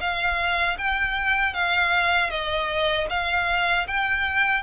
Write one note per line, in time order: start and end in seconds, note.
0.00 0.77 F5
0.78 1.53 G5
1.53 2.30 F5
2.30 3.07 D#5
3.09 3.86 F5
3.87 4.62 G5